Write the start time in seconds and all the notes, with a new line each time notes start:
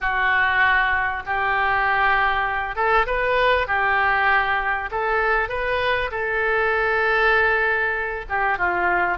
0.01 F#4
1.26 G4
2.75 A4
3.06 B4
3.67 G4
4.91 A4
5.49 B4
6.11 A4
8.29 G4
8.57 F4